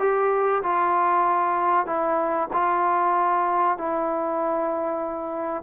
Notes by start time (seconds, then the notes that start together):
0.00 G4
0.64 F4
1.87 E4
2.53 F4
3.78 E4